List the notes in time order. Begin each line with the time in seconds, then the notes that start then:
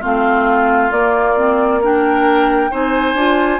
0.00 A3 C4 F4 F5
0.91 A#3 D5
1.36 C4
1.81 D4 A#4 G5
2.70 C4 D#4 C5 G#5
3.14 D4 F4